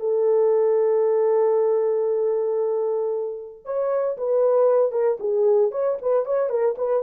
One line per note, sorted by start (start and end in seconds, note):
0.00 3.65 A4
3.65 4.17 C#5
4.18 4.92 B4
4.92 5.18 A#4
5.20 5.72 G#4
5.72 5.98 C#5
6.02 6.25 B4
6.25 6.49 C#5
6.49 6.75 A#4
6.78 7.03 B4